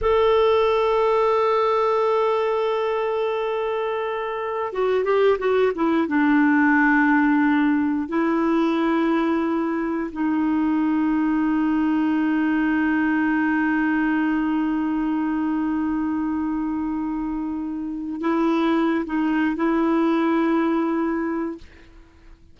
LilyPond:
\new Staff \with { instrumentName = "clarinet" } { \time 4/4 \tempo 4 = 89 a'1~ | a'2. fis'8 g'8 | fis'8 e'8 d'2. | e'2. dis'4~ |
dis'1~ | dis'1~ | dis'2. e'4~ | e'16 dis'8. e'2. | }